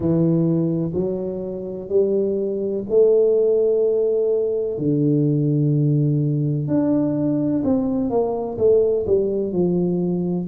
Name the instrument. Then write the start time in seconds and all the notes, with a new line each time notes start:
tuba
0.00 E3
0.94 F#3
1.88 G3
2.89 A3
4.77 D3
6.67 D4
7.64 C4
8.10 A#3
8.58 A3
9.06 G3
9.52 F3